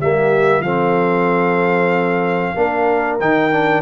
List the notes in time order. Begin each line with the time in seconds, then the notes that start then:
0.00 G3 A#3 G4 E5
0.60 F3 C4 A4 F5
2.56 A#3 D4 A#4
3.20 D#3 D#4 G5
3.52 D4